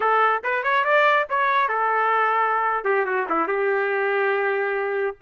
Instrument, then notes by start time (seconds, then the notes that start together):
trumpet
0.00 A4
0.43 B4
0.63 C#5
0.84 D5
1.29 C#5
1.68 A4
2.84 G4
3.05 F#4
3.29 E4
3.47 G4